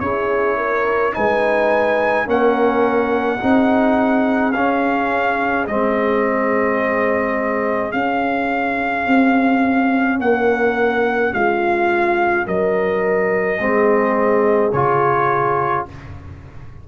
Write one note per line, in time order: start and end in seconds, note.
0.00 1.15 C#4
0.00 1.13 E4
0.00 0.57 G#4
0.00 1.13 C#5
0.57 1.14 A#4
1.13 2.27 G#3
1.13 2.26 D#4
1.13 2.27 B4
1.13 2.28 G#5
2.26 3.41 A#3
2.26 3.39 C#4
2.26 3.39 A#4
2.26 4.53 F#5
3.39 4.56 C4
3.39 4.53 D#4
3.39 10.19 G#4
4.53 5.68 C#4
4.53 5.66 F5
5.67 7.93 G#3
5.67 7.92 C4
5.67 7.92 D#5
7.92 13.58 C#4
7.92 9.07 C#4
7.92 10.19 F5
9.07 10.20 C4
10.20 11.33 A#3
10.20 11.35 A#4
10.20 11.34 F#5
11.34 12.47 G#3
11.34 12.46 F4
11.34 12.47 F5
12.46 13.60 F#3
12.46 13.60 A#4
12.46 14.72 D#5
13.59 14.73 G#3
13.59 14.72 C4
13.59 15.88 G#4
14.72 15.87 C#3
14.72 15.89 F4
14.72 15.86 C#5